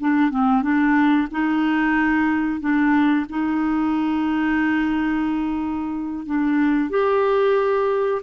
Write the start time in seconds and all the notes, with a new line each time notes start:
0.00 D4
0.30 C4
0.62 D4
1.31 D#4
2.60 D4
3.29 D#4
6.25 D4
6.90 G4